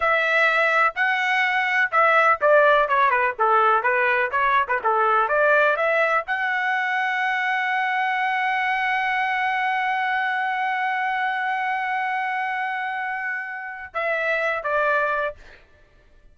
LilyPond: \new Staff \with { instrumentName = "trumpet" } { \time 4/4 \tempo 4 = 125 e''2 fis''2 | e''4 d''4 cis''8 b'8 a'4 | b'4 cis''8. b'16 a'4 d''4 | e''4 fis''2.~ |
fis''1~ | fis''1~ | fis''1~ | fis''4 e''4. d''4. | }